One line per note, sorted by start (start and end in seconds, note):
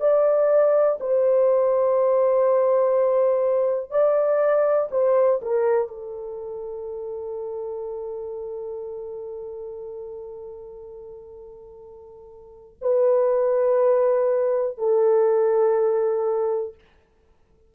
0.00 0.98 D5
1.00 3.90 C5
3.90 4.89 D5
4.90 5.40 C5
5.41 5.87 A#4
5.87 12.76 A4
12.81 14.78 B4
14.78 16.74 A4